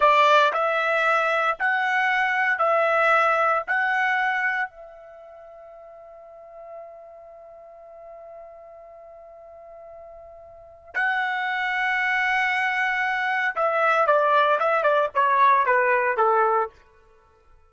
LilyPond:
\new Staff \with { instrumentName = "trumpet" } { \time 4/4 \tempo 4 = 115 d''4 e''2 fis''4~ | fis''4 e''2 fis''4~ | fis''4 e''2.~ | e''1~ |
e''1~ | e''4 fis''2.~ | fis''2 e''4 d''4 | e''8 d''8 cis''4 b'4 a'4 | }